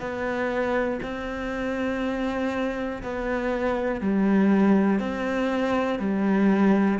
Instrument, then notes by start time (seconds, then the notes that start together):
cello
0.00 B3
1.03 C4
3.03 B3
4.00 G3
5.00 C4
6.00 G3